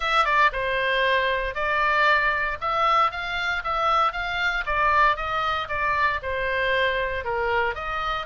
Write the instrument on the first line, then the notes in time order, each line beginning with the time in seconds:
oboe
0.00 E5
0.24 D5
0.52 C5
1.54 D5
2.60 E5
3.11 F5
3.63 E5
4.12 F5
4.66 D5
5.16 D#5
5.68 D5
6.22 C5
7.24 A#4
7.74 D#5